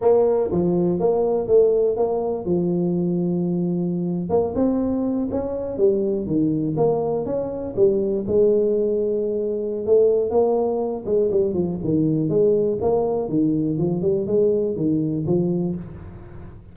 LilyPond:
\new Staff \with { instrumentName = "tuba" } { \time 4/4 \tempo 4 = 122 ais4 f4 ais4 a4 | ais4 f2.~ | f8. ais8 c'4. cis'4 g16~ | g8. dis4 ais4 cis'4 g16~ |
g8. gis2.~ gis16 | a4 ais4. gis8 g8 f8 | dis4 gis4 ais4 dis4 | f8 g8 gis4 dis4 f4 | }